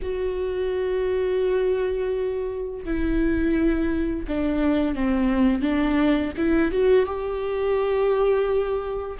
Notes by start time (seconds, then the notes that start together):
0.02 F#4
2.84 E4
4.27 D4
4.95 C4
5.61 D4
6.37 E4
6.71 F#4
7.06 G4